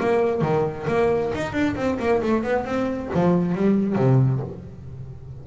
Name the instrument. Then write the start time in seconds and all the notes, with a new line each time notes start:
double bass
0.00 A#3
0.41 D#3
0.87 A#3
1.35 D#4
1.53 D4
1.76 C4
1.99 A#3
2.22 A3
2.43 B3
2.65 C4
3.14 F3
3.55 G3
3.96 C3